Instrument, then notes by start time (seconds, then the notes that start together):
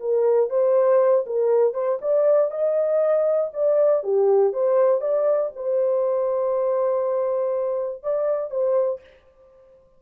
horn
0.00 A#4
0.50 C5
1.27 A#4
1.74 C5
2.02 D5
2.51 D#5
3.54 D5
4.04 G4
4.53 C5
5.02 D5
5.56 C5
8.04 D5
8.51 C5